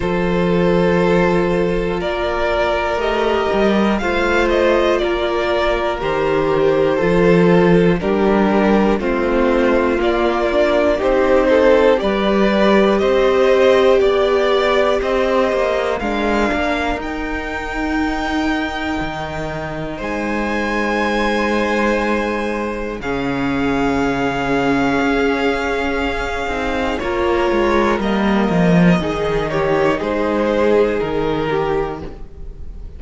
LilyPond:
<<
  \new Staff \with { instrumentName = "violin" } { \time 4/4 \tempo 4 = 60 c''2 d''4 dis''4 | f''8 dis''8 d''4 c''2 | ais'4 c''4 d''4 c''4 | d''4 dis''4 d''4 dis''4 |
f''4 g''2. | gis''2. f''4~ | f''2. cis''4 | dis''4. cis''8 c''4 ais'4 | }
  \new Staff \with { instrumentName = "violin" } { \time 4/4 a'2 ais'2 | c''4 ais'2 a'4 | g'4 f'2 g'8 a'8 | b'4 c''4 d''4 c''4 |
ais'1 | c''2. gis'4~ | gis'2. ais'4~ | ais'4 gis'8 g'8 gis'4. g'8 | }
  \new Staff \with { instrumentName = "viola" } { \time 4/4 f'2. g'4 | f'2 g'4 f'4 | d'4 c'4 ais8 d'8 dis'4 | g'1 |
d'4 dis'2.~ | dis'2. cis'4~ | cis'2~ cis'8 dis'8 f'4 | ais4 dis'2. | }
  \new Staff \with { instrumentName = "cello" } { \time 4/4 f2 ais4 a8 g8 | a4 ais4 dis4 f4 | g4 a4 ais4 c'4 | g4 c'4 b4 c'8 ais8 |
gis8 ais8 dis'2 dis4 | gis2. cis4~ | cis4 cis'4. c'8 ais8 gis8 | g8 f8 dis4 gis4 dis4 | }
>>